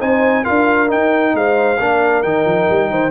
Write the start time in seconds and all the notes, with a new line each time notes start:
0.00 C4 D#4 C5 G#5
0.44 D4 F4 A#4 F5
0.88 D#4 G5
0.94 D#4
1.35 G#3 C5 F5
1.80 A#3 D4 A#4
2.23 D#3 D#4 G5
2.45 F3
2.70 G3
2.91 D#3 C5